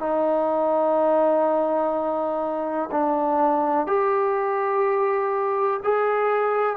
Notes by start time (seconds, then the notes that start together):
0.00 D#4
2.92 D4
3.87 G4
5.84 G#4